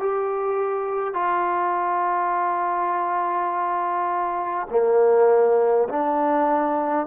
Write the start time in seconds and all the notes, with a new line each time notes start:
0.00 G4
1.14 F4
4.71 A#3
5.89 D4